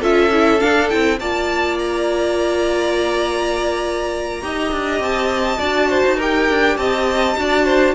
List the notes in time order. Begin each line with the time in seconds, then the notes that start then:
0.00 C#4 F4 A4 E5
0.32 E4
0.59 D4 F5
0.89 C4 E4 G5
1.19 A#3 F4 D5 A5
1.79 A#5
4.41 D#4 G4 D#5
4.72 D4
5.00 C4 A5
5.59 D4 F#4 D5
5.89 C5
6.05 D#4
6.16 G4 A#4 G5
6.50 D4
6.77 C4 D#5 A5
7.37 D4 F#4 D5
7.65 C5